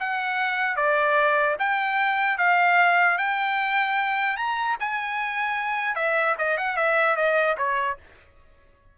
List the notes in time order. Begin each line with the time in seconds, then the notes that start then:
0.00 F#5
0.77 D5
1.59 G5
2.38 F5
3.18 G5
4.37 A#5
4.80 G#5
5.96 E5
6.39 D#5
6.58 F#5
6.77 E5
7.17 D#5
7.58 C#5